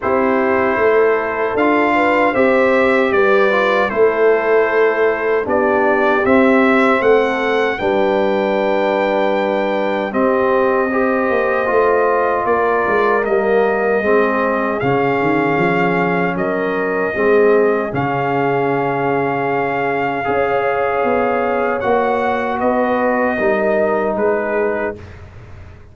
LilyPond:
<<
  \new Staff \with { instrumentName = "trumpet" } { \time 4/4 \tempo 4 = 77 c''2 f''4 e''4 | d''4 c''2 d''4 | e''4 fis''4 g''2~ | g''4 dis''2. |
d''4 dis''2 f''4~ | f''4 dis''2 f''4~ | f''1 | fis''4 dis''2 b'4 | }
  \new Staff \with { instrumentName = "horn" } { \time 4/4 g'4 a'4. b'8 c''4 | b'4 a'2 g'4~ | g'4 a'4 b'2~ | b'4 g'4 c''2 |
ais'2 gis'2~ | gis'4 ais'4 gis'2~ | gis'2 cis''2~ | cis''4 b'4 ais'4 gis'4 | }
  \new Staff \with { instrumentName = "trombone" } { \time 4/4 e'2 f'4 g'4~ | g'8 f'8 e'2 d'4 | c'2 d'2~ | d'4 c'4 g'4 f'4~ |
f'4 ais4 c'4 cis'4~ | cis'2 c'4 cis'4~ | cis'2 gis'2 | fis'2 dis'2 | }
  \new Staff \with { instrumentName = "tuba" } { \time 4/4 c'4 a4 d'4 c'4 | g4 a2 b4 | c'4 a4 g2~ | g4 c'4. ais8 a4 |
ais8 gis8 g4 gis4 cis8 dis8 | f4 fis4 gis4 cis4~ | cis2 cis'4 b4 | ais4 b4 g4 gis4 | }
>>